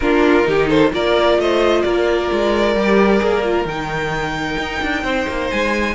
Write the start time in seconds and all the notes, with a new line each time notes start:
0.00 A#3 D4 F4 A#4
0.43 D#3 D#4 G4
0.68 A4 C5
0.90 A#3 F4 A#4 D5
1.37 A3 C5 D#5
1.81 A#3 A#4 D5
2.32 G#3
2.75 G3 G4
3.19 A#3 G#4
3.44 F4
3.64 D#3 D#4 G5
4.57 D#4
4.82 D4
5.03 C4 C5
5.28 A#3
5.50 G#3 G#5